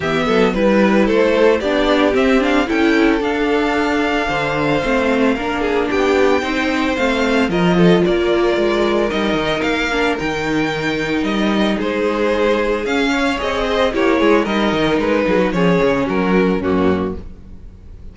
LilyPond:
<<
  \new Staff \with { instrumentName = "violin" } { \time 4/4 \tempo 4 = 112 e''4 b'4 c''4 d''4 | e''8 f''8 g''4 f''2~ | f''2. g''4~ | g''4 f''4 dis''4 d''4~ |
d''4 dis''4 f''4 g''4~ | g''4 dis''4 c''2 | f''4 dis''4 cis''4 dis''4 | b'4 cis''4 ais'4 fis'4 | }
  \new Staff \with { instrumentName = "violin" } { \time 4/4 g'8 a'8 b'4 a'4 g'4~ | g'4 a'2. | c''2 ais'8 gis'8 g'4 | c''2 ais'8 a'8 ais'4~ |
ais'1~ | ais'2 gis'2~ | gis'8 cis''4 c''8 g'8 gis'8 ais'4~ | ais'8 gis'16 fis'16 gis'4 fis'4 cis'4 | }
  \new Staff \with { instrumentName = "viola" } { \time 4/4 b4 e'2 d'4 | c'8 d'8 e'4 d'2~ | d'4 c'4 d'2 | dis'4 c'4 f'2~ |
f'4 dis'4. d'8 dis'4~ | dis'1 | cis'4 gis'4 e'4 dis'4~ | dis'4 cis'2 ais4 | }
  \new Staff \with { instrumentName = "cello" } { \time 4/4 e8 fis8 g4 a4 b4 | c'4 cis'4 d'2 | d4 a4 ais4 b4 | c'4 a4 f4 ais4 |
gis4 g8 dis8 ais4 dis4~ | dis4 g4 gis2 | cis'4 c'4 ais8 gis8 g8 dis8 | gis8 fis8 f8 cis8 fis4 fis,4 | }
>>